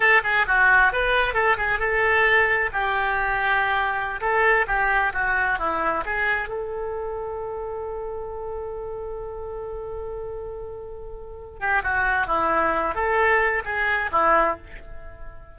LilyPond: \new Staff \with { instrumentName = "oboe" } { \time 4/4 \tempo 4 = 132 a'8 gis'8 fis'4 b'4 a'8 gis'8 | a'2 g'2~ | g'4~ g'16 a'4 g'4 fis'8.~ | fis'16 e'4 gis'4 a'4.~ a'16~ |
a'1~ | a'1~ | a'4. g'8 fis'4 e'4~ | e'8 a'4. gis'4 e'4 | }